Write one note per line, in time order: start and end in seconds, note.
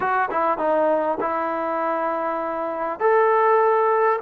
0.00 0.29 F#4
0.30 0.58 E4
0.58 1.18 D#4
1.20 2.99 E4
2.99 4.19 A4